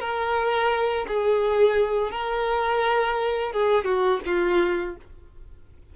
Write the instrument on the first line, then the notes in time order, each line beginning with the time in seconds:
violin
0.00 A#4
1.07 G#4
2.11 A#4
3.52 G#4
3.85 F#4
4.25 F4